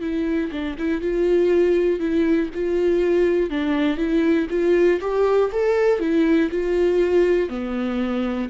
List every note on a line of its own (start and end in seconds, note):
0.00 0.50 E4
0.51 0.76 D4
0.78 1.01 E4
1.01 2.00 F4
2.00 2.50 E4
2.54 3.50 F4
3.50 3.97 D4
3.97 4.47 E4
4.50 5.00 F4
5.00 5.50 G4
5.51 6.00 A4
6.00 6.50 E4
6.50 7.49 F4
7.49 8.49 B3